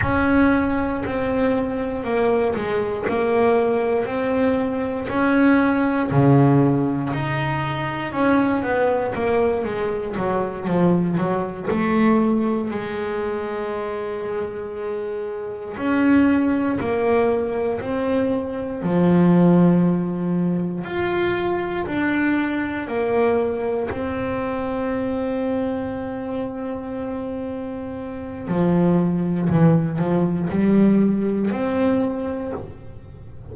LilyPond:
\new Staff \with { instrumentName = "double bass" } { \time 4/4 \tempo 4 = 59 cis'4 c'4 ais8 gis8 ais4 | c'4 cis'4 cis4 dis'4 | cis'8 b8 ais8 gis8 fis8 f8 fis8 a8~ | a8 gis2. cis'8~ |
cis'8 ais4 c'4 f4.~ | f8 f'4 d'4 ais4 c'8~ | c'1 | f4 e8 f8 g4 c'4 | }